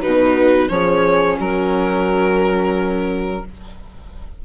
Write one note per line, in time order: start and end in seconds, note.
0.00 0.70 B2
0.00 0.69 D#4
0.00 0.68 F#4
0.00 0.69 B4
0.69 1.38 F3
0.69 3.41 C#4
0.69 1.38 G#4
0.69 1.37 C#5
1.38 3.44 F#3
1.38 3.42 F#4
1.38 3.45 A#4